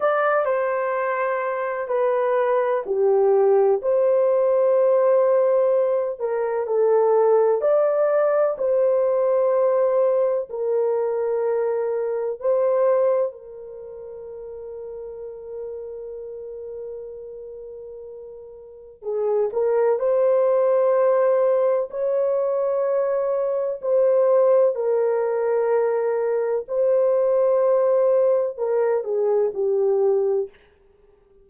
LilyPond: \new Staff \with { instrumentName = "horn" } { \time 4/4 \tempo 4 = 63 d''8 c''4. b'4 g'4 | c''2~ c''8 ais'8 a'4 | d''4 c''2 ais'4~ | ais'4 c''4 ais'2~ |
ais'1 | gis'8 ais'8 c''2 cis''4~ | cis''4 c''4 ais'2 | c''2 ais'8 gis'8 g'4 | }